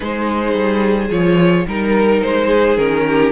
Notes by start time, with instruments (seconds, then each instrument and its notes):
0.00 cello G#3, viola D#4, violin G#4 C5
0.54 cello G3
1.10 cello F3, viola F4, violin C#5
1.67 cello G3, viola D#4, violin A#4
2.22 cello G#3, violin C5
2.47 violin G#4
2.77 cello D#3, viola C#4, violin A#4
3.06 violin G4